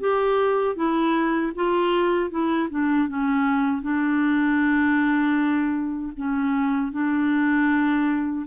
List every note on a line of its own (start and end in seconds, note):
0.00 0.76 G4
0.76 1.52 E4
1.55 2.30 F4
2.30 2.69 E4
2.70 3.08 D4
3.08 3.82 C#4
3.82 6.13 D4
6.17 6.92 C#4
6.92 8.46 D4